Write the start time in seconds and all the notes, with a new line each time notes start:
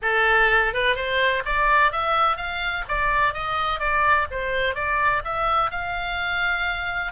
0.02 A4
0.73 B4
0.95 C5
1.45 D5
1.92 E5
2.36 F5
2.88 D5
3.33 D#5
3.79 D5
4.31 C5
4.74 D5
5.24 E5
5.70 F5